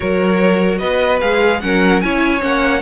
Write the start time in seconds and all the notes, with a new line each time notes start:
0.00 F#3 F#4 A#4 C#5
0.78 B3 B4 D#5
1.20 G#3 G#4 F5
1.60 F#3 C#4 A#4 F#5
2.00 C#4 E4 C#5 G#5
2.40 A#3 C#4 F#5